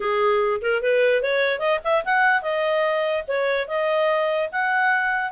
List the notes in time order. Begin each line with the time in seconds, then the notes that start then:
0.00 G#4
0.61 A#4
0.82 B4
1.22 C#5
1.59 D#5
1.83 E5
2.04 F#5
2.42 D#5
3.27 C#5
3.67 D#5
4.52 F#5